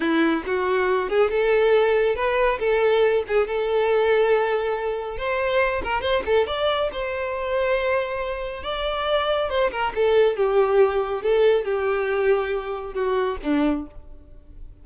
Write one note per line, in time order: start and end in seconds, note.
0.00 0.43 E4
0.46 1.09 F#4
1.09 1.30 G#4
1.30 2.15 A4
2.15 2.58 B4
2.59 3.23 A4
3.27 3.47 G#4
3.47 5.17 A4
5.17 5.82 C5
5.83 6.01 A#4
6.01 6.23 C5
6.25 6.46 A4
6.46 6.90 D5
6.92 8.63 C5
8.63 9.49 D5
9.49 9.71 C5
9.71 9.92 A#4
9.95 10.36 A4
10.36 11.22 G4
11.22 11.64 A4
11.64 12.94 G4
12.94 13.37 F#4
13.42 13.86 D4